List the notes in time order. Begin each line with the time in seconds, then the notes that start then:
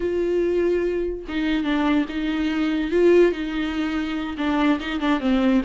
0.00 F4
1.28 D#4
1.64 D4
2.09 D#4
2.91 F4
3.31 D#4
4.37 D4
4.79 D#4
5.00 D4
5.20 C4